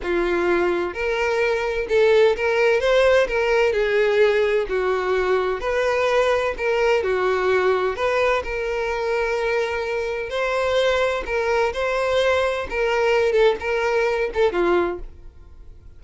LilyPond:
\new Staff \with { instrumentName = "violin" } { \time 4/4 \tempo 4 = 128 f'2 ais'2 | a'4 ais'4 c''4 ais'4 | gis'2 fis'2 | b'2 ais'4 fis'4~ |
fis'4 b'4 ais'2~ | ais'2 c''2 | ais'4 c''2 ais'4~ | ais'8 a'8 ais'4. a'8 f'4 | }